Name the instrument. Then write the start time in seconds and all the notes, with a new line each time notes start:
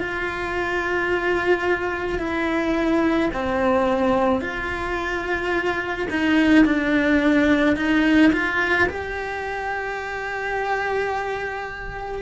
cello
0.00 F4
2.19 E4
3.33 C4
4.41 F4
6.10 D#4
6.65 D4
7.76 D#4
8.33 F4
8.89 G4